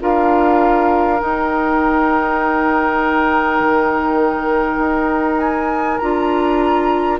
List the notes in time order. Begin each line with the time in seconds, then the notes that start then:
0.00 D4 F4 A#4 F5
1.19 D#4 G5
3.60 D#3
4.78 D#4
5.38 G#5
5.98 D4 F4 A#5